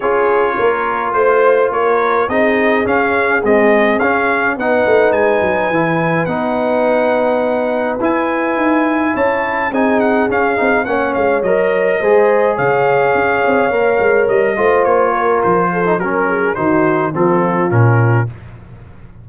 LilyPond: <<
  \new Staff \with { instrumentName = "trumpet" } { \time 4/4 \tempo 4 = 105 cis''2 c''4 cis''4 | dis''4 f''4 dis''4 f''4 | fis''4 gis''2 fis''4~ | fis''2 gis''2 |
a''4 gis''8 fis''8 f''4 fis''8 f''8 | dis''2 f''2~ | f''4 dis''4 cis''4 c''4 | ais'4 c''4 a'4 ais'4 | }
  \new Staff \with { instrumentName = "horn" } { \time 4/4 gis'4 ais'4 c''4 ais'4 | gis'1 | b'1~ | b'1 |
cis''4 gis'2 cis''4~ | cis''4 c''4 cis''2~ | cis''4. c''4 ais'4 a'8 | ais'8 gis'8 fis'4 f'2 | }
  \new Staff \with { instrumentName = "trombone" } { \time 4/4 f'1 | dis'4 cis'4 gis4 cis'4 | dis'2 e'4 dis'4~ | dis'2 e'2~ |
e'4 dis'4 cis'8 dis'8 cis'4 | ais'4 gis'2. | ais'4. f'2~ f'16 dis'16 | cis'4 dis'4 c'4 cis'4 | }
  \new Staff \with { instrumentName = "tuba" } { \time 4/4 cis'4 ais4 a4 ais4 | c'4 cis'4 c'4 cis'4 | b8 a8 gis8 fis8 e4 b4~ | b2 e'4 dis'4 |
cis'4 c'4 cis'8 c'8 ais8 gis8 | fis4 gis4 cis4 cis'8 c'8 | ais8 gis8 g8 a8 ais4 f4 | fis4 dis4 f4 ais,4 | }
>>